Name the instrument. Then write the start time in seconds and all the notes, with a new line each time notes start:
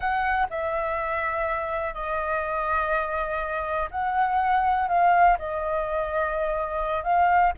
flute
0.00 F#5
0.49 E5
1.94 D#5
3.90 F#5
4.88 F5
5.38 D#5
7.03 F5